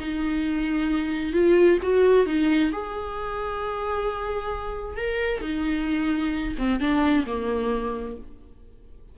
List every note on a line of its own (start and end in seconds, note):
0.00 1.33 D#4
1.33 1.79 F4
1.83 2.26 F#4
2.26 2.72 D#4
2.73 4.97 G#4
4.97 5.41 A#4
5.41 6.55 D#4
6.58 6.80 C4
6.80 7.26 D4
7.26 8.17 A#3